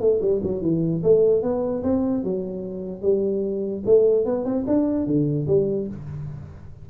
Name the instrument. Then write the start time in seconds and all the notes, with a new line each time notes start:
tuba
0.00 A3
0.21 G3
0.43 F#3
0.62 E3
1.03 A3
1.42 B3
1.83 C4
2.23 F#3
3.02 G3
3.86 A3
4.25 B3
4.45 C4
4.67 D4
5.06 D3
5.47 G3